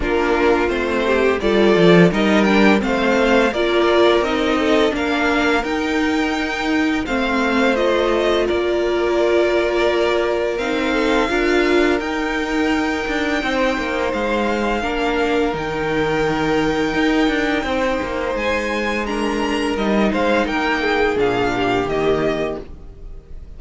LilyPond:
<<
  \new Staff \with { instrumentName = "violin" } { \time 4/4 \tempo 4 = 85 ais'4 c''4 d''4 dis''8 g''8 | f''4 d''4 dis''4 f''4 | g''2 f''4 dis''4 | d''2. f''4~ |
f''4 g''2. | f''2 g''2~ | g''2 gis''4 ais''4 | dis''8 f''8 g''4 f''4 dis''4 | }
  \new Staff \with { instrumentName = "violin" } { \time 4/4 f'4. g'8 a'4 ais'4 | c''4 ais'4. a'8 ais'4~ | ais'2 c''2 | ais'2.~ ais'8 a'8 |
ais'2. c''4~ | c''4 ais'2.~ | ais'4 c''2 ais'4~ | ais'8 c''8 ais'8 gis'4 g'4. | }
  \new Staff \with { instrumentName = "viola" } { \time 4/4 d'4 c'4 f'4 dis'8 d'8 | c'4 f'4 dis'4 d'4 | dis'2 c'4 f'4~ | f'2. dis'4 |
f'4 dis'2.~ | dis'4 d'4 dis'2~ | dis'2. d'4 | dis'2 d'4 ais4 | }
  \new Staff \with { instrumentName = "cello" } { \time 4/4 ais4 a4 g8 f8 g4 | a4 ais4 c'4 ais4 | dis'2 a2 | ais2. c'4 |
d'4 dis'4. d'8 c'8 ais8 | gis4 ais4 dis2 | dis'8 d'8 c'8 ais8 gis2 | g8 gis8 ais4 ais,4 dis4 | }
>>